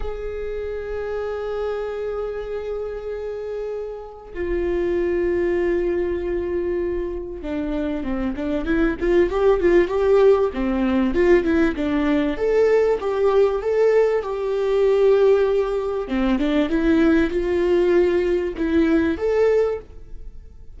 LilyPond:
\new Staff \with { instrumentName = "viola" } { \time 4/4 \tempo 4 = 97 gis'1~ | gis'2. f'4~ | f'1 | d'4 c'8 d'8 e'8 f'8 g'8 f'8 |
g'4 c'4 f'8 e'8 d'4 | a'4 g'4 a'4 g'4~ | g'2 c'8 d'8 e'4 | f'2 e'4 a'4 | }